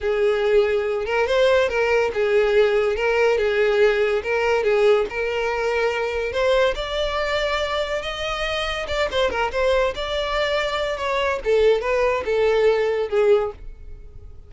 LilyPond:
\new Staff \with { instrumentName = "violin" } { \time 4/4 \tempo 4 = 142 gis'2~ gis'8 ais'8 c''4 | ais'4 gis'2 ais'4 | gis'2 ais'4 gis'4 | ais'2. c''4 |
d''2. dis''4~ | dis''4 d''8 c''8 ais'8 c''4 d''8~ | d''2 cis''4 a'4 | b'4 a'2 gis'4 | }